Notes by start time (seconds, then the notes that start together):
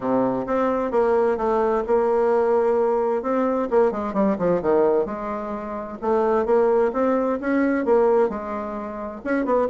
0.00 C3
0.46 C4
0.91 A#3
1.37 A3
1.86 A#3
3.22 C4
3.70 A#3
3.91 G#3
4.13 G3
4.38 F3
4.62 D#3
5.05 G#3
6.01 A3
6.45 A#3
6.93 C4
7.40 C#4
7.85 A#3
8.29 G#3
9.24 C#4
9.45 B3